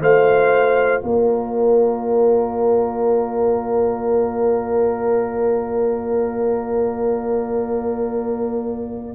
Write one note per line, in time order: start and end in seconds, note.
0.00 1.03 A3
0.00 9.15 F4
0.00 1.03 C5
0.00 1.02 F5
1.02 9.15 A#3
1.02 9.15 A#4
1.02 9.15 D5